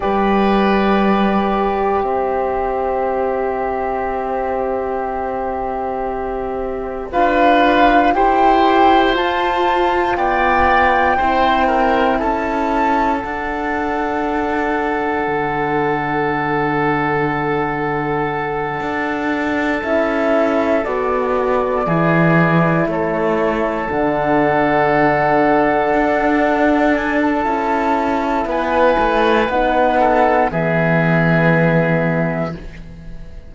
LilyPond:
<<
  \new Staff \with { instrumentName = "flute" } { \time 4/4 \tempo 4 = 59 d''2 e''2~ | e''2. f''4 | g''4 a''4 g''2 | a''4 fis''2.~ |
fis''2.~ fis''8 e''8~ | e''8 d''2 cis''4 fis''8~ | fis''2~ fis''8 gis''16 a''4~ a''16 | gis''4 fis''4 e''2 | }
  \new Staff \with { instrumentName = "oboe" } { \time 4/4 b'2 c''2~ | c''2. b'4 | c''2 d''4 c''8 ais'8 | a'1~ |
a'1~ | a'4. gis'4 a'4.~ | a'1 | b'4. a'8 gis'2 | }
  \new Staff \with { instrumentName = "horn" } { \time 4/4 g'1~ | g'2. f'4 | g'4 f'2 e'4~ | e'4 d'2.~ |
d'2.~ d'8 e'8~ | e'8 fis'4 e'2 d'8~ | d'2. e'4~ | e'4 dis'4 b2 | }
  \new Staff \with { instrumentName = "cello" } { \time 4/4 g2 c'2~ | c'2. d'4 | e'4 f'4 b4 c'4 | cis'4 d'2 d4~ |
d2~ d8 d'4 cis'8~ | cis'8 b4 e4 a4 d8~ | d4. d'4. cis'4 | b8 a8 b4 e2 | }
>>